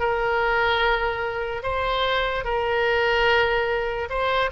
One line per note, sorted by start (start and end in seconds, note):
0.00 1.63 A#4
1.63 2.45 C5
2.45 4.09 A#4
4.10 4.51 C5